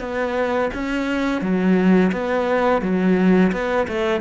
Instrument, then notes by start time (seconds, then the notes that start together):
cello
0.00 B3
0.74 C#4
1.42 F#3
2.12 B3
2.82 F#3
3.52 B3
3.88 A3